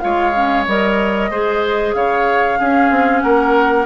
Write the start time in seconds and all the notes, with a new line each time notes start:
0.00 G#3 F4 C#5 F5
0.34 C#4
0.67 G3 A#4 D#5
1.30 G#3 G#4 C5
1.94 C#3 C#5 F5
2.59 C#4 G#4
2.91 C4
3.21 A#3 A#4 F#5